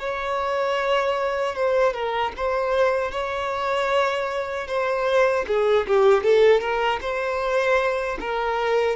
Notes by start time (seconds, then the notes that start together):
0.00 C#5
1.56 C5
1.94 A#4
2.37 C5
3.12 C#5
4.68 C5
5.48 G#4
5.88 G4
6.24 A4
6.61 A#4
7.02 C5
8.21 A#4